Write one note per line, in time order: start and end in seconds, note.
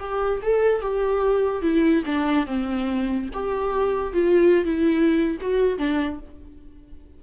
0.00 0.41 G4
0.43 0.82 A4
0.82 1.63 G4
1.63 2.04 E4
2.06 2.47 D4
2.47 3.30 C4
3.34 4.14 G4
4.14 4.65 F4
4.65 5.38 E4
5.41 5.78 F#4
5.78 6.20 D4